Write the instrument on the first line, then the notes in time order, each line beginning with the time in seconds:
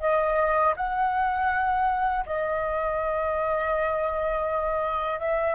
flute
0.00 D#5
0.76 F#5
2.26 D#5
5.20 E5